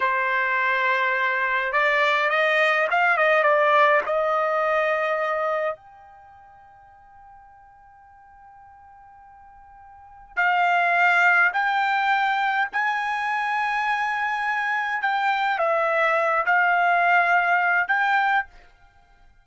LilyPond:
\new Staff \with { instrumentName = "trumpet" } { \time 4/4 \tempo 4 = 104 c''2. d''4 | dis''4 f''8 dis''8 d''4 dis''4~ | dis''2 g''2~ | g''1~ |
g''2 f''2 | g''2 gis''2~ | gis''2 g''4 e''4~ | e''8 f''2~ f''8 g''4 | }